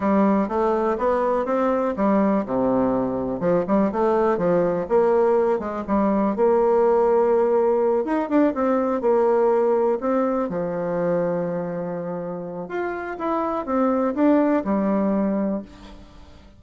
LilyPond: \new Staff \with { instrumentName = "bassoon" } { \time 4/4 \tempo 4 = 123 g4 a4 b4 c'4 | g4 c2 f8 g8 | a4 f4 ais4. gis8 | g4 ais2.~ |
ais8 dis'8 d'8 c'4 ais4.~ | ais8 c'4 f2~ f8~ | f2 f'4 e'4 | c'4 d'4 g2 | }